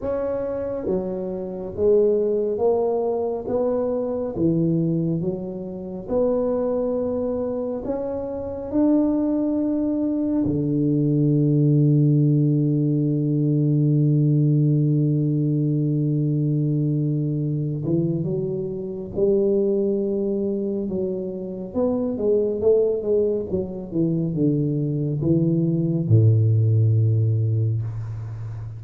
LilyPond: \new Staff \with { instrumentName = "tuba" } { \time 4/4 \tempo 4 = 69 cis'4 fis4 gis4 ais4 | b4 e4 fis4 b4~ | b4 cis'4 d'2 | d1~ |
d1~ | d8 e8 fis4 g2 | fis4 b8 gis8 a8 gis8 fis8 e8 | d4 e4 a,2 | }